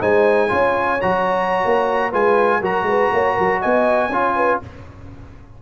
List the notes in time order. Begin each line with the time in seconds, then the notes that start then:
0.00 G#3 D#4 C5 G#5
0.49 C#4 F4 C#5
1.01 F#3 F#4 A#5
1.64 A#3
2.10 G#3 F4 B4 G#5
2.60 F#3 F#4 A#4 A#5
2.82 G#3 B4
3.12 A#3 C#5
3.34 F#3 A#4
3.61 B3 D#5 G#5
4.09 C#4 F4 C#5
4.36 B4